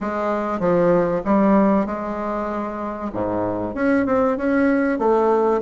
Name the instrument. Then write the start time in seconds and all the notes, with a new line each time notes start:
bassoon
0.00 G#3
0.59 F3
1.24 G3
1.86 G#3
3.12 G#2
3.74 C#4
4.05 C4
4.37 C#4
4.98 A3